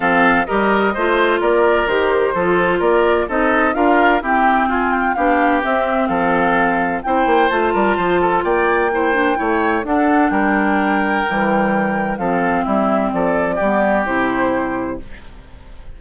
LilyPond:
<<
  \new Staff \with { instrumentName = "flute" } { \time 4/4 \tempo 4 = 128 f''4 dis''2 d''4 | c''2 d''4 dis''4 | f''4 g''4 gis''8 g''8 f''4 | e''4 f''2 g''4 |
a''2 g''2~ | g''4 fis''4 g''2~ | g''2 f''4 e''4 | d''2 c''2 | }
  \new Staff \with { instrumentName = "oboe" } { \time 4/4 a'4 ais'4 c''4 ais'4~ | ais'4 a'4 ais'4 a'4 | ais'4 g'4 f'4 g'4~ | g'4 a'2 c''4~ |
c''8 ais'8 c''8 a'8 d''4 c''4 | cis''4 a'4 ais'2~ | ais'2 a'4 e'4 | a'4 g'2. | }
  \new Staff \with { instrumentName = "clarinet" } { \time 4/4 c'4 g'4 f'2 | g'4 f'2 dis'4 | f'4 c'2 d'4 | c'2. e'4 |
f'2. e'8 d'8 | e'4 d'2. | g2 c'2~ | c'4 b4 e'2 | }
  \new Staff \with { instrumentName = "bassoon" } { \time 4/4 f4 g4 a4 ais4 | dis4 f4 ais4 c'4 | d'4 e'4 f'4 b4 | c'4 f2 c'8 ais8 |
a8 g8 f4 ais2 | a4 d'4 g2 | e2 f4 g4 | f4 g4 c2 | }
>>